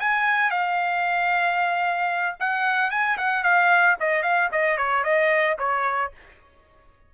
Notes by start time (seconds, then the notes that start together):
0.00 G#5
0.51 F5
2.40 F#5
2.91 G#5
3.18 F#5
3.44 F5
4.00 D#5
4.23 F5
4.52 D#5
4.78 C#5
5.04 D#5
5.59 C#5